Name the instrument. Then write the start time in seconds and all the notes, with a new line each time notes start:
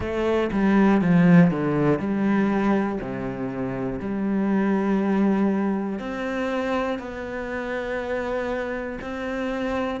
cello
0.00 A3
0.52 G3
1.01 F3
1.50 D3
1.99 G3
3.00 C3
3.99 G3
5.99 C4
6.98 B3
9.00 C4